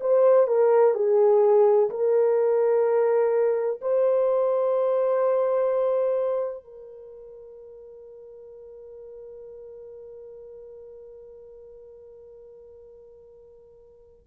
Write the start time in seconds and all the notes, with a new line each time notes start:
0.00 C5
0.47 A#4
0.94 G#4
1.90 A#4
3.81 C5
6.64 A#4